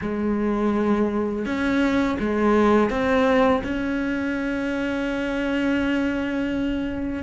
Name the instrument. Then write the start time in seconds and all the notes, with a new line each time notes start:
cello
0.01 G#3
1.45 C#4
2.19 G#3
2.90 C4
3.63 C#4